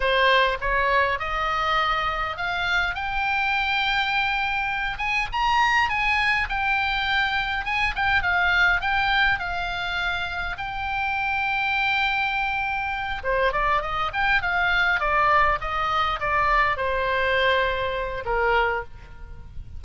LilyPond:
\new Staff \with { instrumentName = "oboe" } { \time 4/4 \tempo 4 = 102 c''4 cis''4 dis''2 | f''4 g''2.~ | g''8 gis''8 ais''4 gis''4 g''4~ | g''4 gis''8 g''8 f''4 g''4 |
f''2 g''2~ | g''2~ g''8 c''8 d''8 dis''8 | g''8 f''4 d''4 dis''4 d''8~ | d''8 c''2~ c''8 ais'4 | }